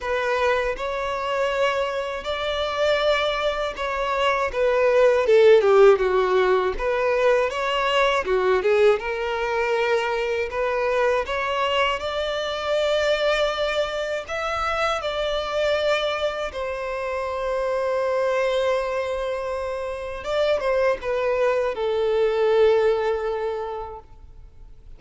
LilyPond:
\new Staff \with { instrumentName = "violin" } { \time 4/4 \tempo 4 = 80 b'4 cis''2 d''4~ | d''4 cis''4 b'4 a'8 g'8 | fis'4 b'4 cis''4 fis'8 gis'8 | ais'2 b'4 cis''4 |
d''2. e''4 | d''2 c''2~ | c''2. d''8 c''8 | b'4 a'2. | }